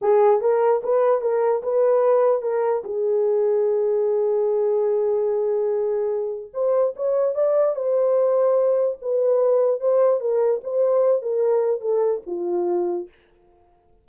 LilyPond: \new Staff \with { instrumentName = "horn" } { \time 4/4 \tempo 4 = 147 gis'4 ais'4 b'4 ais'4 | b'2 ais'4 gis'4~ | gis'1~ | gis'1 |
c''4 cis''4 d''4 c''4~ | c''2 b'2 | c''4 ais'4 c''4. ais'8~ | ais'4 a'4 f'2 | }